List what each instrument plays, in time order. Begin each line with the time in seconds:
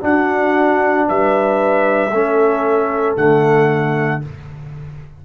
0.00 trombone D4, tuba D4, horn F#4, trumpet F#5
1.07 tuba G3, horn B4, trumpet E5
2.11 tuba A3, trombone C#4, horn A4
3.16 tuba D3, trombone A3, trumpet F#5